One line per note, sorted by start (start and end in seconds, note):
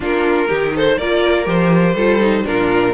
0.00 0.47 A#3
0.00 0.48 D4
0.00 0.48 F4
0.00 0.77 A#4
0.48 0.98 D#3
0.48 0.97 D#4
0.48 0.72 G4
0.75 0.98 A4
0.75 0.98 C5
0.98 1.46 A#3
0.98 1.45 F4
0.98 1.94 A#4
0.98 1.47 D5
1.45 1.94 F3
1.45 1.94 G4
1.45 2.46 C5
1.94 2.44 G3
1.94 2.19 F4
1.94 2.44 A4
2.19 2.43 D#4
2.43 2.92 D4
2.43 2.94 F4
2.43 2.94 A#4
2.49 2.94 A#2